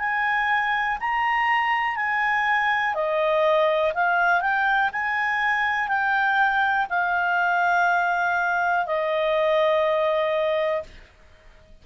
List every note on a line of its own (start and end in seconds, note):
0.00 0.98 G#5
1.01 1.96 A#5
1.96 2.95 G#5
2.95 3.93 D#5
3.94 4.41 F5
4.41 4.90 G5
4.93 5.88 G#5
5.88 6.87 G5
6.90 8.87 F5
8.87 10.83 D#5